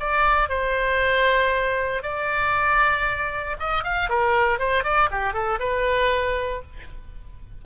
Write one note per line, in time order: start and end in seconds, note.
0.00 0.49 D5
0.49 2.03 C5
2.03 3.57 D5
3.59 3.84 D#5
3.84 4.10 F5
4.10 4.59 A#4
4.59 4.84 C5
4.84 5.10 D5
5.11 5.34 G4
5.34 5.59 A4
5.59 6.62 B4